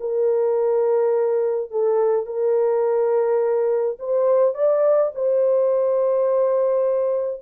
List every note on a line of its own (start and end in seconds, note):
0.00 1.71 A#4
1.71 2.26 A4
2.26 3.97 A#4
3.99 4.55 C5
4.55 5.12 D5
5.15 7.42 C5